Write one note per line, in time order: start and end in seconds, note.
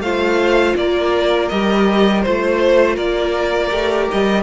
0.00 0.74 A3
0.00 1.51 F4
0.00 0.77 C5
0.00 0.76 F5
0.76 1.50 A#3
0.76 2.25 A#4
0.76 1.49 D5
1.49 2.26 G3
1.49 2.25 G4
1.49 2.22 D#5
2.22 2.97 A3
2.22 3.71 F4
2.22 2.96 C5
2.96 3.71 A#3
2.96 4.43 A#4
2.96 4.08 D5
3.71 4.08 A3
3.71 4.43 G4
4.11 4.43 G3
4.11 4.43 D#5